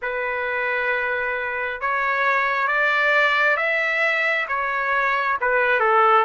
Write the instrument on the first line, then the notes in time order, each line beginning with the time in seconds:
trumpet
0.02 B4
1.80 C#5
2.67 D5
3.57 E5
4.48 C#5
5.40 B4
5.80 A4